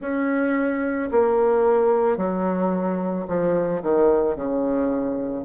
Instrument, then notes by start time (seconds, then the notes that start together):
bassoon
0.00 C#4
1.11 A#3
2.17 F#3
3.27 F3
3.82 D#3
4.35 C#3